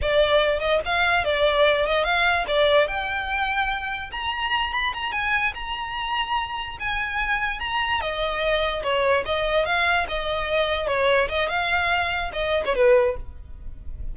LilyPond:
\new Staff \with { instrumentName = "violin" } { \time 4/4 \tempo 4 = 146 d''4. dis''8 f''4 d''4~ | d''8 dis''8 f''4 d''4 g''4~ | g''2 ais''4. b''8 | ais''8 gis''4 ais''2~ ais''8~ |
ais''8 gis''2 ais''4 dis''8~ | dis''4. cis''4 dis''4 f''8~ | f''8 dis''2 cis''4 dis''8 | f''2 dis''8. cis''16 b'4 | }